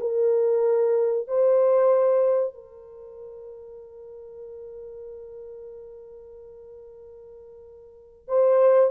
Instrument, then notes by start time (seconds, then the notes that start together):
horn
0.00 A#4
1.28 C5
2.54 A#4
8.28 C5